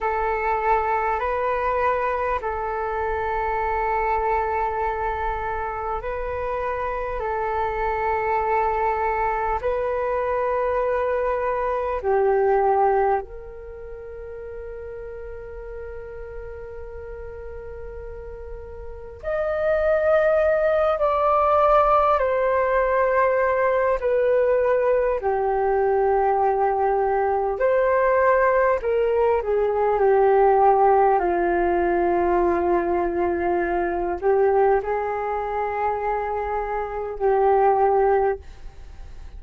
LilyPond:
\new Staff \with { instrumentName = "flute" } { \time 4/4 \tempo 4 = 50 a'4 b'4 a'2~ | a'4 b'4 a'2 | b'2 g'4 ais'4~ | ais'1 |
dis''4. d''4 c''4. | b'4 g'2 c''4 | ais'8 gis'8 g'4 f'2~ | f'8 g'8 gis'2 g'4 | }